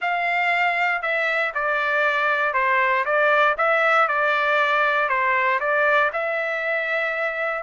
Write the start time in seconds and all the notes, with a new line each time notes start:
0.01 F5
1.01 E5
1.54 D5
2.53 C5
3.05 D5
3.57 E5
4.07 D5
5.08 C5
5.60 D5
6.12 E5